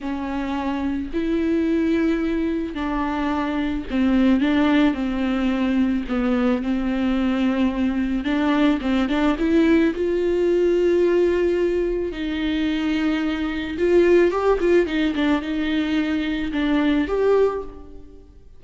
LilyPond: \new Staff \with { instrumentName = "viola" } { \time 4/4 \tempo 4 = 109 cis'2 e'2~ | e'4 d'2 c'4 | d'4 c'2 b4 | c'2. d'4 |
c'8 d'8 e'4 f'2~ | f'2 dis'2~ | dis'4 f'4 g'8 f'8 dis'8 d'8 | dis'2 d'4 g'4 | }